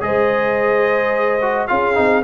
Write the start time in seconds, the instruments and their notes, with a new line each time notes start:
0.00 tuba G#3, trombone G#4, horn C5, trumpet D#5
1.41 trombone F#4
1.67 tuba C#4, trombone F4, horn G#4, trumpet F5
1.94 tuba C4, trombone D#4